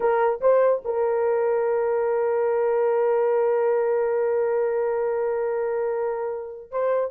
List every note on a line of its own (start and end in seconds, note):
0.00 0.40 A#4
0.40 0.82 C5
0.84 6.71 A#4
6.71 7.11 C5